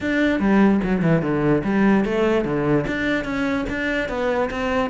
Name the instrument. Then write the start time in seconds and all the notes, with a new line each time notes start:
cello
0.01 D4
0.39 G3
0.83 F#3
1.01 E3
1.21 D3
1.64 G3
2.05 A3
2.44 D3
2.87 D4
3.24 C#4
3.69 D4
4.08 B3
4.50 C4